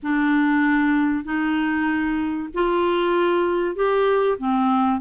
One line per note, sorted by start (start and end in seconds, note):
0.02 1.24 D4
1.24 2.49 D#4
2.54 3.75 F4
3.75 4.38 G4
4.38 5.00 C4